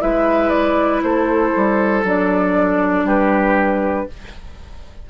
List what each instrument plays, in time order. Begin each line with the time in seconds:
0.00 bassoon G#3, clarinet E4, oboe B4, flute E5
0.49 flute D5
1.03 bassoon A3, oboe A4, flute C5
1.56 bassoon G3
2.03 bassoon F#3, clarinet D4, flute D5
3.04 bassoon G3, oboe G4, flute B4